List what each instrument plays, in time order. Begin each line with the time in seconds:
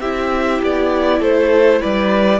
0.00 cello C4, viola E4, violin G4 E5
0.62 cello B3, violin D5
1.20 cello A3, violin A4 C5
1.80 cello G3, violin B4 D5